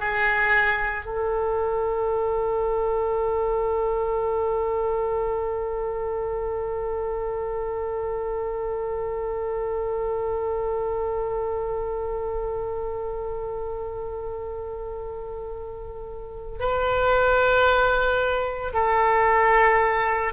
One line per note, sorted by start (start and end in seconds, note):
0.00 1.06 G#4
1.06 16.59 A4
16.60 18.74 B4
18.74 20.34 A4